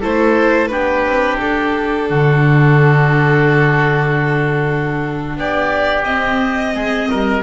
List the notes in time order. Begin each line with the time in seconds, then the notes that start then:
0.00 A3 E4 A4 C5
0.68 B3 D4 G4 B4
1.05 C4
1.40 D4 A4
2.09 D3 F#4
5.36 B3 G4 D5
6.04 C4 D#5
6.74 G#3 G#4
7.09 G3 A#4